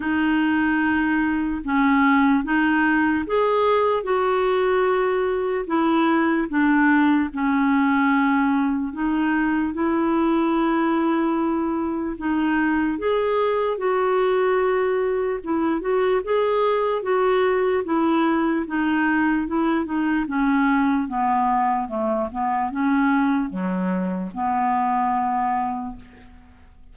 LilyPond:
\new Staff \with { instrumentName = "clarinet" } { \time 4/4 \tempo 4 = 74 dis'2 cis'4 dis'4 | gis'4 fis'2 e'4 | d'4 cis'2 dis'4 | e'2. dis'4 |
gis'4 fis'2 e'8 fis'8 | gis'4 fis'4 e'4 dis'4 | e'8 dis'8 cis'4 b4 a8 b8 | cis'4 fis4 b2 | }